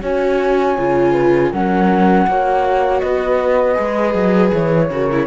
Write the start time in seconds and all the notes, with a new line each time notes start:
0.00 C#4 F#4 C#5 G#5
0.78 C#3 F4
1.12 B4
1.51 F#3 C#4 A#4 F#5
2.27 A#3 F#4 C#5
3.00 B3 B4 D#5
3.74 G#3 G#4
4.14 F#3
4.53 E3 C#5
4.90 C#3 F#4 A#4
5.11 E4